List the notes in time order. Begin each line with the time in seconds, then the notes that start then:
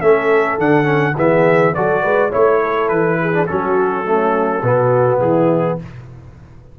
0.00 A3 C#4 A4 E5
0.58 D3 D4 F#5
0.84 C#4
1.17 E3 B3 G#4 E5
1.75 F#3 F#4 A4 D5
2.03 G#3 B4
2.30 A3 E4 C#5
2.62 A4
2.89 E3 B4
3.22 G#4
3.33 D4
3.47 F#3 C#4 F#4 A4
4.05 A3 C#4
4.63 B2 B3 F#4
5.20 E3 E4 G#4